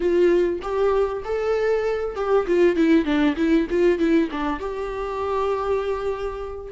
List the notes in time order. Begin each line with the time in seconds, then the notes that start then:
0.00 F4
0.62 G4
1.24 A4
2.15 G4
2.46 F4
2.76 E4
3.04 D4
3.36 E4
3.70 F4
3.98 E4
4.31 D4
4.59 G4